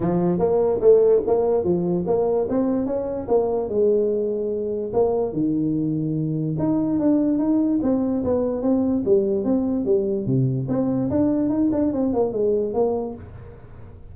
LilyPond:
\new Staff \with { instrumentName = "tuba" } { \time 4/4 \tempo 4 = 146 f4 ais4 a4 ais4 | f4 ais4 c'4 cis'4 | ais4 gis2. | ais4 dis2. |
dis'4 d'4 dis'4 c'4 | b4 c'4 g4 c'4 | g4 c4 c'4 d'4 | dis'8 d'8 c'8 ais8 gis4 ais4 | }